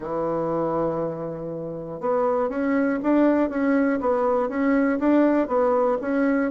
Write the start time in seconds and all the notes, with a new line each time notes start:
0.00 E3
2.00 B3
2.49 C#4
3.02 D4
3.49 C#4
4.00 B3
4.49 C#4
4.99 D4
5.47 B3
6.01 C#4